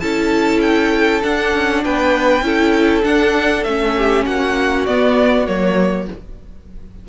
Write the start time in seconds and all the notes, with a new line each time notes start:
0.00 C#4 E4 A4 A5
0.61 G5
1.23 D4 F#5
1.55 C#4
1.85 B3 B4 G5
2.42 C#4 E4 A4
3.04 D4 F#5
3.64 A3 C#4 E5
3.97 G4
4.26 A#3 F#4 F#5
4.86 B3 D5
5.47 F#3 A#3 C#5